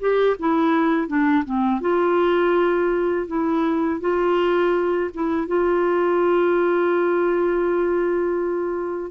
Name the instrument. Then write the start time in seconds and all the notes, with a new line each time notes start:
clarinet
0.00 G4
0.39 E4
1.08 D4
1.45 C4
1.81 F4
3.27 E4
4.00 F4
5.14 E4
5.47 F4